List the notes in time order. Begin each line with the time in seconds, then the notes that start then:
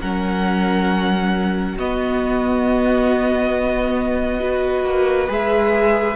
0.00 F#3 C#4 A#4 F#5
1.76 B3 F#4 D#5
4.40 F#4 B4
4.84 A#3
5.27 G#3 G#4 E5